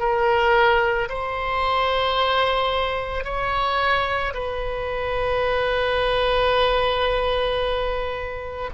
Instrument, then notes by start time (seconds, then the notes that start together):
oboe
0.00 A#4
1.09 C5
3.25 C#5
4.34 B4